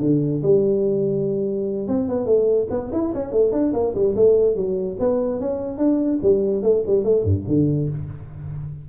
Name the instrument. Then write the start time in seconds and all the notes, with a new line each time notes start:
tuba
0.00 D3
0.42 G3
1.88 C4
2.08 B3
2.26 A3
2.70 B3
2.92 E4
3.14 C#4
3.32 A3
3.52 D4
3.73 A#3
3.94 G3
4.15 A3
4.55 F#3
4.99 B3
5.40 C#4
5.77 D4
6.22 G3
6.62 A3
6.86 G3
7.04 A3
7.24 G2
7.47 D3